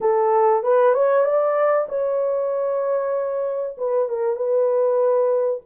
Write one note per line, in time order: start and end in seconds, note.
0.00 0.62 A4
0.62 0.94 B4
0.94 1.24 C#5
1.24 1.87 D5
1.88 3.76 C#5
3.77 4.09 B4
4.09 4.36 A#4
4.36 5.61 B4